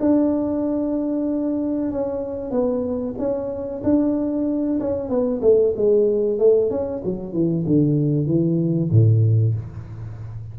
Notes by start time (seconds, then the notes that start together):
0.00 D4
1.91 C#4
2.51 B3
3.18 C#4
3.83 D4
4.80 C#4
5.09 B3
5.42 A3
5.76 G#3
6.39 A3
6.71 C#4
7.04 F#3
7.33 E3
7.67 D3
8.26 E3
8.91 A2